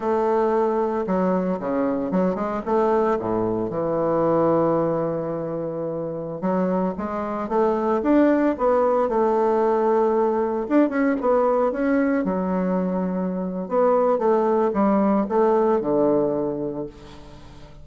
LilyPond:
\new Staff \with { instrumentName = "bassoon" } { \time 4/4 \tempo 4 = 114 a2 fis4 cis4 | fis8 gis8 a4 a,4 e4~ | e1~ | e16 fis4 gis4 a4 d'8.~ |
d'16 b4 a2~ a8.~ | a16 d'8 cis'8 b4 cis'4 fis8.~ | fis2 b4 a4 | g4 a4 d2 | }